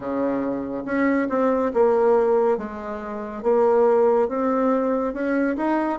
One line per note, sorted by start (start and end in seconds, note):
0.00 0.83 C#3
0.85 1.27 C#4
1.29 1.71 C4
1.73 2.57 A#3
2.57 3.42 G#3
3.42 4.28 A#3
4.28 5.13 C4
5.13 5.56 C#4
5.56 5.99 D#4